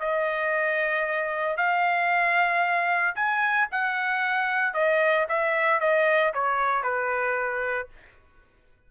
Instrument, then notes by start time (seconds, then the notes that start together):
trumpet
0.00 D#5
1.57 F5
3.16 G#5
3.72 F#5
4.74 D#5
5.29 E5
5.81 D#5
6.34 C#5
6.83 B4